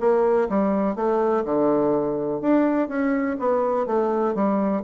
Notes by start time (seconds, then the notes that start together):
0.00 A#3
0.49 G3
0.96 A3
1.45 D3
2.41 D4
2.89 C#4
3.40 B3
3.86 A3
4.35 G3